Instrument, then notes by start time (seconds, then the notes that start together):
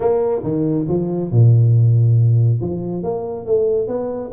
tuba
0.00 A#3
0.43 D#3
0.88 F3
1.31 A#2
2.60 F3
3.03 A#3
3.46 A3
3.87 B3